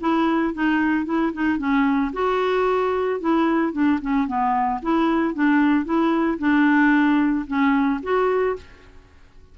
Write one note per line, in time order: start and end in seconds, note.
0.00 0.54 E4
0.54 1.05 D#4
1.05 1.32 E4
1.33 1.58 D#4
1.58 2.12 C#4
2.13 3.20 F#4
3.20 3.73 E4
3.73 4.00 D4
4.02 4.27 C#4
4.27 4.81 B3
4.82 5.34 E4
5.34 5.85 D4
5.85 6.38 E4
6.38 7.46 D4
7.47 8.01 C#4
8.02 8.56 F#4